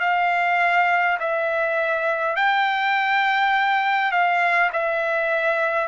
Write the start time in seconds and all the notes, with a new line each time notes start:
0.00 F5
1.20 E5
2.36 G5
4.12 F5
4.73 E5